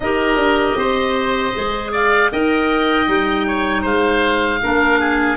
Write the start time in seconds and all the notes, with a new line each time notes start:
0.00 D#4 G4 A#4 D#5
0.35 D4
0.75 C4 C5
1.54 G#3 G#4
1.92 D5 F5
2.31 D#4 A#4 D#5 G5
3.06 G3 D#4
3.47 C#5
3.81 G#3 C5 F5
4.62 A#3 D4 A#4
4.99 G#4